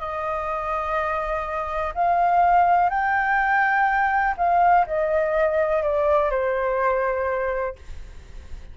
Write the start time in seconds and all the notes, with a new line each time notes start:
0.00 D#5
1.94 F5
2.89 G5
4.37 F5
4.87 D#5
5.83 D5
6.30 C5